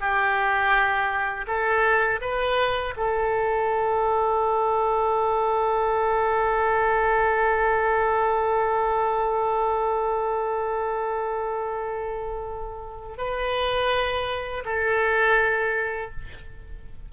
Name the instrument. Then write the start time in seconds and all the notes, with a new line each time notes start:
oboe
0.00 G4
1.47 A4
2.21 B4
2.97 A4
13.17 B4
14.65 A4